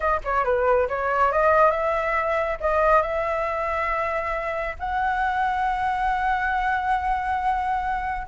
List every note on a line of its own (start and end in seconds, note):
0.00 0.20 D#5
0.24 0.44 C#5
0.44 0.88 B4
0.88 1.32 C#5
1.32 1.70 D#5
1.70 2.57 E5
2.60 3.02 D#5
3.02 4.75 E5
4.79 8.27 F#5